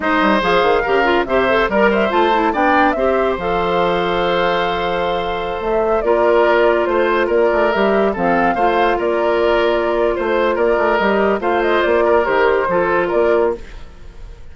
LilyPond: <<
  \new Staff \with { instrumentName = "flute" } { \time 4/4 \tempo 4 = 142 dis''4 f''2 e''4 | d''8 e''8 a''4 g''4 e''4 | f''1~ | f''4~ f''16 e''4 d''4.~ d''16~ |
d''16 c''4 d''4 e''4 f''8.~ | f''4~ f''16 d''2~ d''8. | c''4 d''4 dis''4 f''8 dis''8 | d''4 c''2 d''4 | }
  \new Staff \with { instrumentName = "oboe" } { \time 4/4 c''2 ais'4 c''4 | ais'8 c''4. d''4 c''4~ | c''1~ | c''2~ c''16 ais'4.~ ais'16~ |
ais'16 c''4 ais'2 a'8.~ | a'16 c''4 ais'2~ ais'8. | c''4 ais'2 c''4~ | c''8 ais'4. a'4 ais'4 | }
  \new Staff \with { instrumentName = "clarinet" } { \time 4/4 dis'4 gis'4 g'8 f'8 g'8 a'8 | ais'4 f'8 e'8 d'4 g'4 | a'1~ | a'2~ a'16 f'4.~ f'16~ |
f'2~ f'16 g'4 c'8.~ | c'16 f'2.~ f'8.~ | f'2 g'4 f'4~ | f'4 g'4 f'2 | }
  \new Staff \with { instrumentName = "bassoon" } { \time 4/4 gis8 g8 f8 dis8 cis4 c4 | g4 a4 b4 c'4 | f1~ | f4~ f16 a4 ais4.~ ais16~ |
ais16 a4 ais8 a8 g4 f8.~ | f16 a4 ais2~ ais8. | a4 ais8 a8 g4 a4 | ais4 dis4 f4 ais4 | }
>>